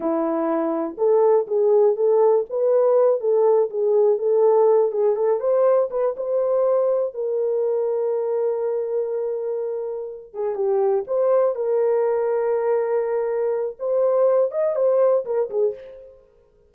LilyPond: \new Staff \with { instrumentName = "horn" } { \time 4/4 \tempo 4 = 122 e'2 a'4 gis'4 | a'4 b'4. a'4 gis'8~ | gis'8 a'4. gis'8 a'8 c''4 | b'8 c''2 ais'4.~ |
ais'1~ | ais'4 gis'8 g'4 c''4 ais'8~ | ais'1 | c''4. dis''8 c''4 ais'8 gis'8 | }